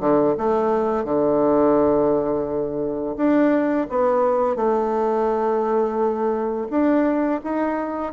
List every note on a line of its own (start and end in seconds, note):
0.00 0.35 D3
0.37 1.04 A3
1.04 3.16 D3
3.17 3.87 D4
3.90 4.56 B3
4.56 6.67 A3
6.70 7.41 D4
7.43 8.13 D#4